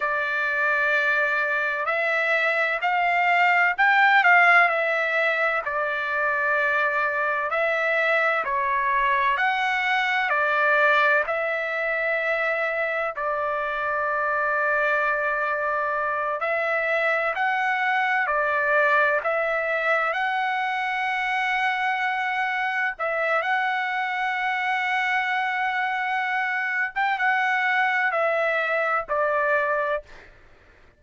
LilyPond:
\new Staff \with { instrumentName = "trumpet" } { \time 4/4 \tempo 4 = 64 d''2 e''4 f''4 | g''8 f''8 e''4 d''2 | e''4 cis''4 fis''4 d''4 | e''2 d''2~ |
d''4. e''4 fis''4 d''8~ | d''8 e''4 fis''2~ fis''8~ | fis''8 e''8 fis''2.~ | fis''8. g''16 fis''4 e''4 d''4 | }